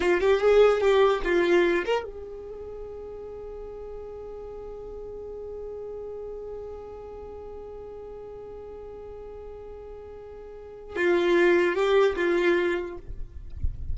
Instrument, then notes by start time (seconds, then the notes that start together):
violin
0.00 F4
0.20 G4
0.40 G#4
0.80 G4
1.23 F4
1.85 A#4
2.04 G#4
10.96 F4
11.75 G4
12.16 F4